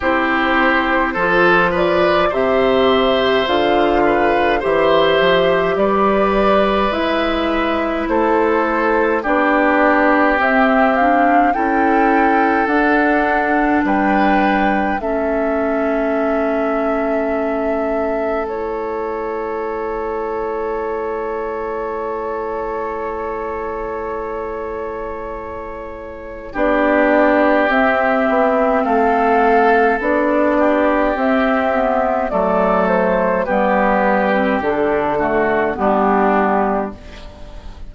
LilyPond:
<<
  \new Staff \with { instrumentName = "flute" } { \time 4/4 \tempo 4 = 52 c''4. d''8 e''4 f''4 | e''4 d''4 e''4 c''4 | d''4 e''8 f''8 g''4 fis''4 | g''4 e''2. |
cis''1~ | cis''2. d''4 | e''4 f''4 d''4 e''4 | d''8 c''8 b'4 a'4 g'4 | }
  \new Staff \with { instrumentName = "oboe" } { \time 4/4 g'4 a'8 b'8 c''4. b'8 | c''4 b'2 a'4 | g'2 a'2 | b'4 a'2.~ |
a'1~ | a'2. g'4~ | g'4 a'4. g'4. | a'4 g'4. fis'8 d'4 | }
  \new Staff \with { instrumentName = "clarinet" } { \time 4/4 e'4 f'4 g'4 f'4 | g'2 e'2 | d'4 c'8 d'8 e'4 d'4~ | d'4 cis'2. |
e'1~ | e'2. d'4 | c'2 d'4 c'8 b8 | a4 b8. c'16 d'8 a8 b4 | }
  \new Staff \with { instrumentName = "bassoon" } { \time 4/4 c'4 f4 c4 d4 | e8 f8 g4 gis4 a4 | b4 c'4 cis'4 d'4 | g4 a2.~ |
a1~ | a2. b4 | c'8 b8 a4 b4 c'4 | fis4 g4 d4 g4 | }
>>